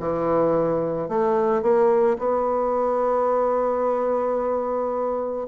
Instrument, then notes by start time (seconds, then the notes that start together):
bassoon
0.00 E3
1.09 A3
1.62 A#3
2.19 B3